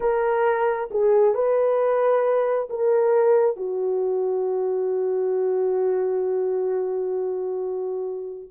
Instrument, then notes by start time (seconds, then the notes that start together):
horn
0.00 A#4
0.90 G#4
1.34 B4
2.69 A#4
3.56 F#4